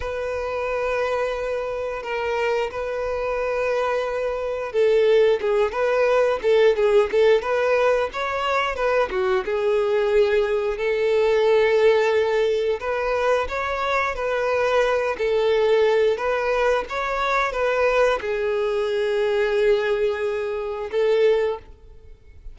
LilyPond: \new Staff \with { instrumentName = "violin" } { \time 4/4 \tempo 4 = 89 b'2. ais'4 | b'2. a'4 | gis'8 b'4 a'8 gis'8 a'8 b'4 | cis''4 b'8 fis'8 gis'2 |
a'2. b'4 | cis''4 b'4. a'4. | b'4 cis''4 b'4 gis'4~ | gis'2. a'4 | }